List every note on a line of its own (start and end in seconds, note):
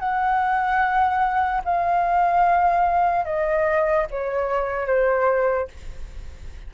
0.00 1.62 F#5
1.65 3.25 F5
3.25 4.07 D#5
4.11 4.87 C#5
4.87 5.68 C5